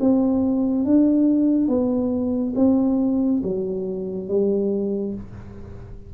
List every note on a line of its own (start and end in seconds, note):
0.00 0.85 C4
0.85 1.68 D4
1.68 2.54 B3
2.56 3.42 C4
3.43 4.29 F#3
4.29 5.14 G3